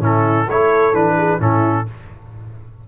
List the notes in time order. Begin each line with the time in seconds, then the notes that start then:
0.00 A2 C#4 E4 A4
0.47 A3 E4 A4 C#5
0.93 E3 D4 B4
1.17 G#4
1.40 A2 C#4 E4 A4